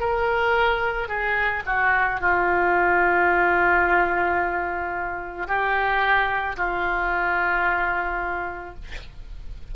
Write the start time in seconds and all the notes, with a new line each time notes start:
0.00 A#4
1.09 G#4
1.66 F#4
2.21 F4
5.47 G4
6.57 F4